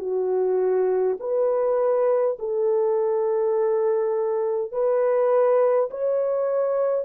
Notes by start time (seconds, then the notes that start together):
0.00 F#4
1.20 B4
2.40 A4
4.72 B4
5.91 C#5